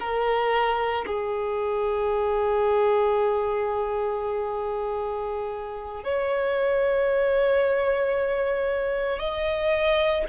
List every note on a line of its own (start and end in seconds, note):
0.00 1.05 A#4
1.07 6.04 G#4
6.04 9.19 C#5
9.19 10.24 D#5